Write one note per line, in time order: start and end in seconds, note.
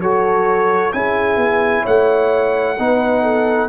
0.00 0.92 F#3
0.00 0.92 F#4
0.00 0.94 A4
0.00 0.92 C#5
0.92 1.37 C#4
0.92 2.77 E4
0.92 1.82 G#4
0.92 1.85 G#5
1.37 1.83 B3
1.82 2.78 A3
1.82 2.74 C#5
1.82 3.69 F#5
2.78 3.69 B3
2.78 3.69 D#4
2.78 3.22 B4
3.22 3.68 A4